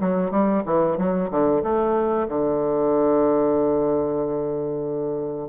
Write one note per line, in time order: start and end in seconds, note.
0.00 0.31 F#3
0.31 0.63 G3
0.65 0.97 E3
0.97 1.30 F#3
1.30 1.63 D3
1.63 2.28 A3
2.28 5.49 D3